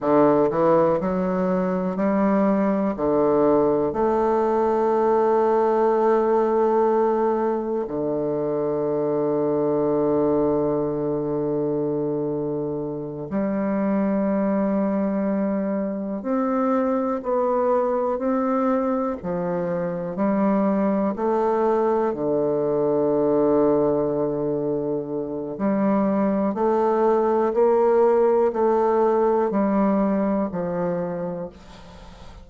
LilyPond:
\new Staff \with { instrumentName = "bassoon" } { \time 4/4 \tempo 4 = 61 d8 e8 fis4 g4 d4 | a1 | d1~ | d4. g2~ g8~ |
g8 c'4 b4 c'4 f8~ | f8 g4 a4 d4.~ | d2 g4 a4 | ais4 a4 g4 f4 | }